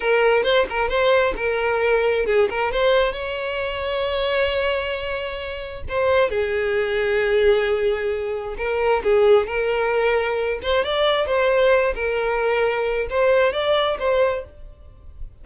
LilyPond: \new Staff \with { instrumentName = "violin" } { \time 4/4 \tempo 4 = 133 ais'4 c''8 ais'8 c''4 ais'4~ | ais'4 gis'8 ais'8 c''4 cis''4~ | cis''1~ | cis''4 c''4 gis'2~ |
gis'2. ais'4 | gis'4 ais'2~ ais'8 c''8 | d''4 c''4. ais'4.~ | ais'4 c''4 d''4 c''4 | }